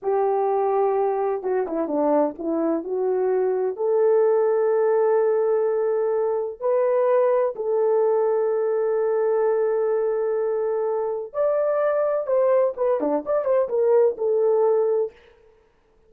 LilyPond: \new Staff \with { instrumentName = "horn" } { \time 4/4 \tempo 4 = 127 g'2. fis'8 e'8 | d'4 e'4 fis'2 | a'1~ | a'2 b'2 |
a'1~ | a'1 | d''2 c''4 b'8 d'8 | d''8 c''8 ais'4 a'2 | }